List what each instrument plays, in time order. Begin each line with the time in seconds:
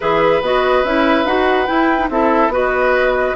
0.00 bassoon E3, clarinet G#4, oboe B4, flute E5
0.41 bassoon B3, clarinet F#4, flute D#5
0.84 bassoon C#4, clarinet E4, flute E5
1.25 bassoon D#4, clarinet F#4, flute F#5
1.66 clarinet E4, bassoon E4, flute G5
1.98 clarinet D#4
2.09 bassoon C4, clarinet E4, oboe A4, flute E5
2.48 bassoon B3, clarinet F#4, oboe B4, flute D#5